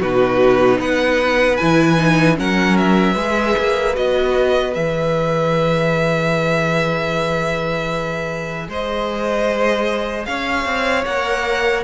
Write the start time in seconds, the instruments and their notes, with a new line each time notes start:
0.00 cello B2, viola D#4, violin F#4 B4
0.79 cello B3, violin B4 F#5
1.57 cello E3, viola E4, violin G#5
1.97 viola D#4
2.35 cello F#3, viola C#4, violin A#4 F#5
2.77 violin E5
3.13 cello G#3, viola G#4, violin B4
3.58 cello A#3
3.94 cello B3, viola F#4, violin D#5
4.73 cello E3, viola G#4, violin E5
8.68 cello G#3, violin C5 D#5
10.25 cello C#4, violin C#5 F5
10.65 cello C4
11.05 cello A#3, viola A#4, violin F#5